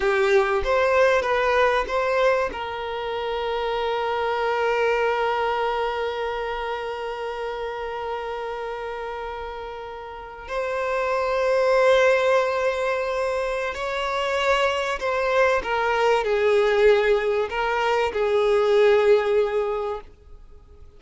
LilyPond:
\new Staff \with { instrumentName = "violin" } { \time 4/4 \tempo 4 = 96 g'4 c''4 b'4 c''4 | ais'1~ | ais'1~ | ais'1~ |
ais'8. c''2.~ c''16~ | c''2 cis''2 | c''4 ais'4 gis'2 | ais'4 gis'2. | }